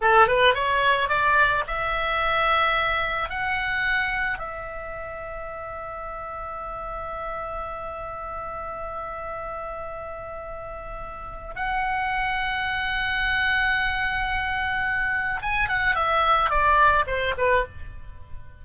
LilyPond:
\new Staff \with { instrumentName = "oboe" } { \time 4/4 \tempo 4 = 109 a'8 b'8 cis''4 d''4 e''4~ | e''2 fis''2 | e''1~ | e''1~ |
e''1~ | e''4 fis''2.~ | fis''1 | gis''8 fis''8 e''4 d''4 c''8 b'8 | }